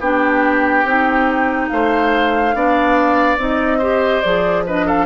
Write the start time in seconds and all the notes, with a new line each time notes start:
0.00 B3 D4 G4 G5
0.85 C4 D#4
1.69 A3 C5 F5
2.55 B3 D4 D5
3.37 C4 D#4 D#5
3.79 G4 C5
4.22 F3 G#4 D5
4.67 D4 B4 D#5
4.86 A4 F5